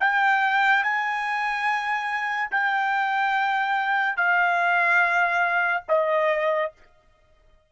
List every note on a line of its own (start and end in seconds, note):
0.00 0.83 G5
0.84 2.50 G#5
2.51 4.17 G5
4.17 5.83 F5
5.89 6.72 D#5